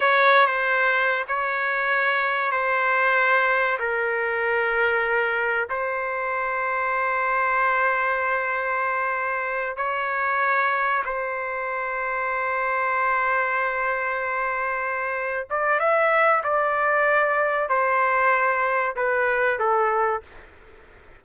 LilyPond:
\new Staff \with { instrumentName = "trumpet" } { \time 4/4 \tempo 4 = 95 cis''8. c''4~ c''16 cis''2 | c''2 ais'2~ | ais'4 c''2.~ | c''2.~ c''8 cis''8~ |
cis''4. c''2~ c''8~ | c''1~ | c''8 d''8 e''4 d''2 | c''2 b'4 a'4 | }